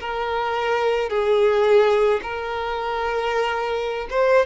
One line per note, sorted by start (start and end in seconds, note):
0.00 1.09 A#4
1.09 2.20 G#4
2.22 4.07 A#4
4.10 4.46 C5